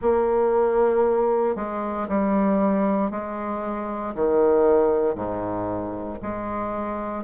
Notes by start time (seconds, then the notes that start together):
0.01 A#3
1.55 G#3
2.08 G3
3.10 G#3
4.14 D#3
5.14 G#2
6.22 G#3